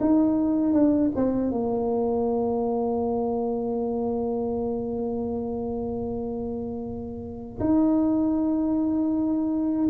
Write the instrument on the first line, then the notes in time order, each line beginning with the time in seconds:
tuba
0.00 D#4
0.73 D4
1.15 C4
1.51 A#3
7.59 D#4